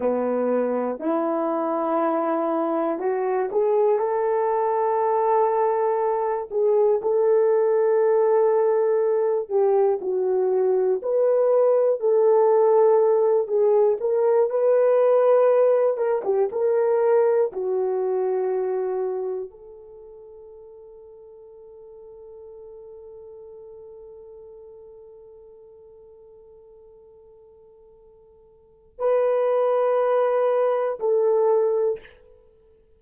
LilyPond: \new Staff \with { instrumentName = "horn" } { \time 4/4 \tempo 4 = 60 b4 e'2 fis'8 gis'8 | a'2~ a'8 gis'8 a'4~ | a'4. g'8 fis'4 b'4 | a'4. gis'8 ais'8 b'4. |
ais'16 g'16 ais'4 fis'2 a'8~ | a'1~ | a'1~ | a'4 b'2 a'4 | }